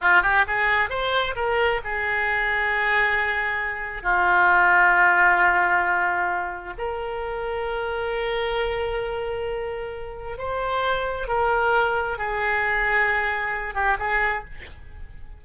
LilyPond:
\new Staff \with { instrumentName = "oboe" } { \time 4/4 \tempo 4 = 133 f'8 g'8 gis'4 c''4 ais'4 | gis'1~ | gis'4 f'2.~ | f'2. ais'4~ |
ais'1~ | ais'2. c''4~ | c''4 ais'2 gis'4~ | gis'2~ gis'8 g'8 gis'4 | }